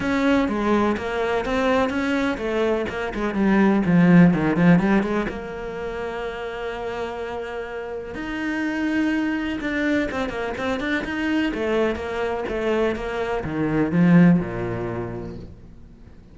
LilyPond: \new Staff \with { instrumentName = "cello" } { \time 4/4 \tempo 4 = 125 cis'4 gis4 ais4 c'4 | cis'4 a4 ais8 gis8 g4 | f4 dis8 f8 g8 gis8 ais4~ | ais1~ |
ais4 dis'2. | d'4 c'8 ais8 c'8 d'8 dis'4 | a4 ais4 a4 ais4 | dis4 f4 ais,2 | }